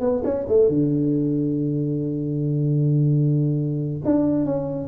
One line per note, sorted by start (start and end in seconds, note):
0.00 0.22 B3
0.24 0.46 C#4
0.48 0.68 A3
0.68 4.02 D3
4.05 4.45 D4
4.45 4.87 C#4